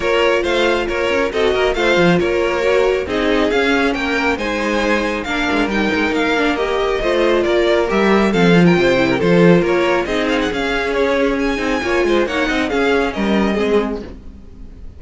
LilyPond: <<
  \new Staff \with { instrumentName = "violin" } { \time 4/4 \tempo 4 = 137 cis''4 f''4 cis''4 dis''4 | f''4 cis''2 dis''4 | f''4 g''4 gis''2 | f''4 g''4 f''4 dis''4~ |
dis''4 d''4 e''4 f''8. g''16~ | g''4 c''4 cis''4 dis''8 f''16 fis''16 | f''4 cis''4 gis''2 | fis''4 f''4 dis''2 | }
  \new Staff \with { instrumentName = "violin" } { \time 4/4 ais'4 c''4 ais'4 a'8 ais'8 | c''4 ais'2 gis'4~ | gis'4 ais'4 c''2 | ais'1 |
c''4 ais'2 a'8. ais'16 | c''8. ais'16 a'4 ais'4 gis'4~ | gis'2. cis''8 c''8 | cis''8 dis''8 gis'4 ais'4 gis'4 | }
  \new Staff \with { instrumentName = "viola" } { \time 4/4 f'2. fis'4 | f'2 fis'4 dis'4 | cis'2 dis'2 | d'4 dis'4. d'8 g'4 |
f'2 g'4 c'8 f'8~ | f'8 e'8 f'2 dis'4 | cis'2~ cis'8 dis'8 f'4 | dis'4 cis'2 c'4 | }
  \new Staff \with { instrumentName = "cello" } { \time 4/4 ais4 a4 ais8 cis'8 c'8 ais8 | a8 f8 ais2 c'4 | cis'4 ais4 gis2 | ais8 gis8 g8 gis8 ais2 |
a4 ais4 g4 f4 | c4 f4 ais4 c'4 | cis'2~ cis'8 c'8 ais8 gis8 | ais8 c'8 cis'4 g4 gis4 | }
>>